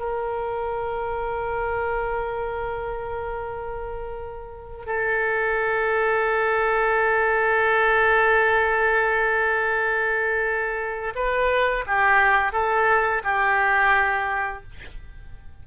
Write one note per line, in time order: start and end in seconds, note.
0.00 4.86 A#4
4.86 11.14 A4
11.16 11.85 B4
11.87 12.53 G4
12.53 13.23 A4
13.24 14.64 G4